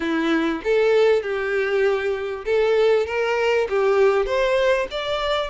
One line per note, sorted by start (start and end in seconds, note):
0.00 0.61 E4
0.64 1.22 A4
1.22 2.45 G4
2.45 3.06 A4
3.06 3.67 A#4
3.69 4.26 G4
4.26 4.87 C5
4.91 5.50 D5